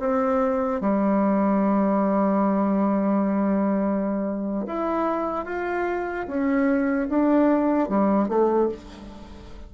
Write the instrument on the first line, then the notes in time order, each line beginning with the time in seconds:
bassoon
0.00 C4
0.81 G3
4.67 E4
5.45 F4
6.27 C#4
7.09 D4
7.89 G3
8.29 A3